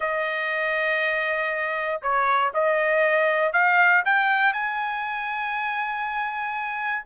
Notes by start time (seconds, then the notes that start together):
0.00 D#5
2.02 C#5
2.53 D#5
3.52 F5
4.05 G5
4.53 G#5